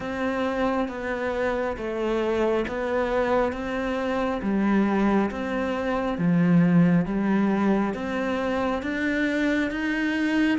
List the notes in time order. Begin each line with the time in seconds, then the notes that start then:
0.00 C4
0.88 B3
1.76 A3
2.68 B3
3.52 C4
4.42 G3
5.30 C4
6.18 F3
7.05 G3
7.94 C4
8.82 D4
9.71 D#4